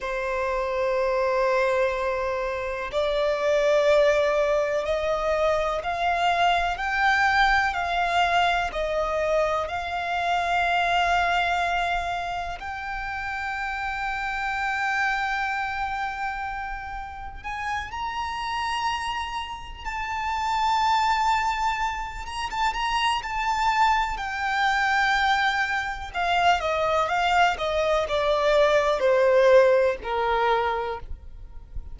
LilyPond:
\new Staff \with { instrumentName = "violin" } { \time 4/4 \tempo 4 = 62 c''2. d''4~ | d''4 dis''4 f''4 g''4 | f''4 dis''4 f''2~ | f''4 g''2.~ |
g''2 gis''8 ais''4.~ | ais''8 a''2~ a''8 ais''16 a''16 ais''8 | a''4 g''2 f''8 dis''8 | f''8 dis''8 d''4 c''4 ais'4 | }